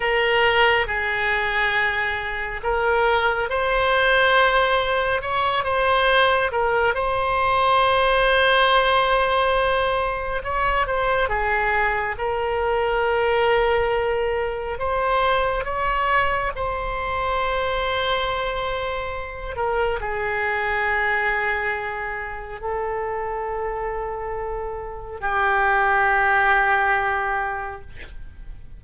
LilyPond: \new Staff \with { instrumentName = "oboe" } { \time 4/4 \tempo 4 = 69 ais'4 gis'2 ais'4 | c''2 cis''8 c''4 ais'8 | c''1 | cis''8 c''8 gis'4 ais'2~ |
ais'4 c''4 cis''4 c''4~ | c''2~ c''8 ais'8 gis'4~ | gis'2 a'2~ | a'4 g'2. | }